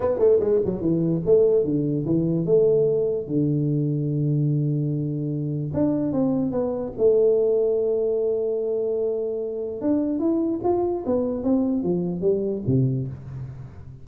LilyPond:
\new Staff \with { instrumentName = "tuba" } { \time 4/4 \tempo 4 = 147 b8 a8 gis8 fis8 e4 a4 | d4 e4 a2 | d1~ | d2 d'4 c'4 |
b4 a2.~ | a1 | d'4 e'4 f'4 b4 | c'4 f4 g4 c4 | }